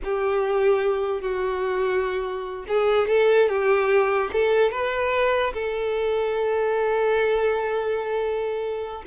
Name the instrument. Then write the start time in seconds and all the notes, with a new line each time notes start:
violin
0.04 G4
1.21 F#4
2.67 G#4
3.08 A4
3.48 G4
4.32 A4
4.71 B4
5.53 A4